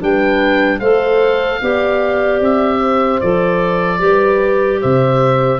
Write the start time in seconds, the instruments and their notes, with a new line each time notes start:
0.00 tuba G3, clarinet D4, horn B4, oboe G5
0.79 tuba A3, clarinet A4, horn C5, oboe F5
1.62 tuba B3, clarinet G4, horn D5
2.41 tuba C4, oboe E5
2.79 horn C5
3.21 tuba F3, clarinet A4, oboe D5
3.99 tuba G3, clarinet G4, horn B4
4.80 tuba C3, horn C5, oboe E5